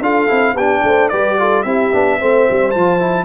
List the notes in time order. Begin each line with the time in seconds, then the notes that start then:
0.00 D4 F4 A4 F5
0.28 C4 E4
0.54 B3 D4 G4 G5
0.83 A3 C5
1.09 G3 G4 B4 D5
1.39 F4 A4
1.63 C4 E4 G4 E5
1.93 B3 D4
2.19 A3 C4 C5
2.51 G3
2.71 F3 F4 A5
2.99 E4